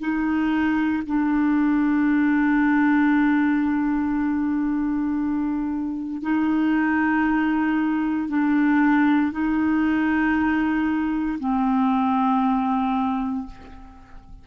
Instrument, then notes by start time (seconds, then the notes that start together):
clarinet
0.00 D#4
1.07 D4
6.23 D#4
8.29 D4
9.32 D#4
11.40 C4